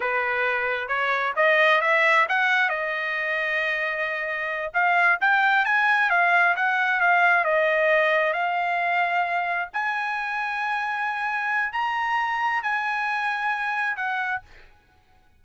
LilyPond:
\new Staff \with { instrumentName = "trumpet" } { \time 4/4 \tempo 4 = 133 b'2 cis''4 dis''4 | e''4 fis''4 dis''2~ | dis''2~ dis''8 f''4 g''8~ | g''8 gis''4 f''4 fis''4 f''8~ |
f''8 dis''2 f''4.~ | f''4. gis''2~ gis''8~ | gis''2 ais''2 | gis''2. fis''4 | }